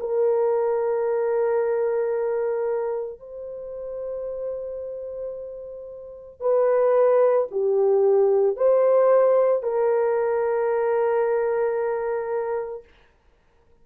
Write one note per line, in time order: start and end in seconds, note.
0.00 3.20 A#4
3.20 6.40 C5
6.40 7.48 B4
7.51 8.57 G4
8.57 9.63 C5
9.63 12.84 A#4